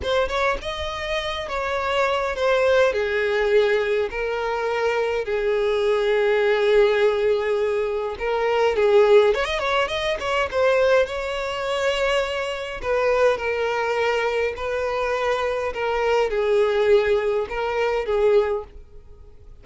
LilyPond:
\new Staff \with { instrumentName = "violin" } { \time 4/4 \tempo 4 = 103 c''8 cis''8 dis''4. cis''4. | c''4 gis'2 ais'4~ | ais'4 gis'2.~ | gis'2 ais'4 gis'4 |
cis''16 dis''16 cis''8 dis''8 cis''8 c''4 cis''4~ | cis''2 b'4 ais'4~ | ais'4 b'2 ais'4 | gis'2 ais'4 gis'4 | }